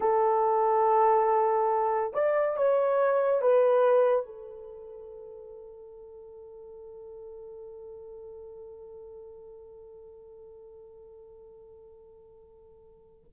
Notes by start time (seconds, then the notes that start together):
0.00 A4
2.14 D5
2.56 C#5
3.41 B4
4.25 A4